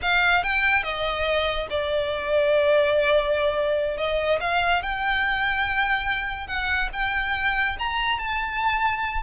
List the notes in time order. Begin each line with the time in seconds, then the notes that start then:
0.02 F5
0.43 G5
0.83 D#5
1.70 D5
3.97 D#5
4.40 F5
4.82 G5
6.47 F#5
6.92 G5
7.79 A#5
8.18 A5